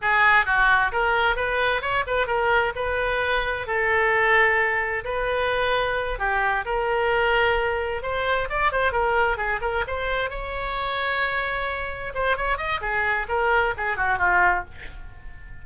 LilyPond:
\new Staff \with { instrumentName = "oboe" } { \time 4/4 \tempo 4 = 131 gis'4 fis'4 ais'4 b'4 | cis''8 b'8 ais'4 b'2 | a'2. b'4~ | b'4. g'4 ais'4.~ |
ais'4. c''4 d''8 c''8 ais'8~ | ais'8 gis'8 ais'8 c''4 cis''4.~ | cis''2~ cis''8 c''8 cis''8 dis''8 | gis'4 ais'4 gis'8 fis'8 f'4 | }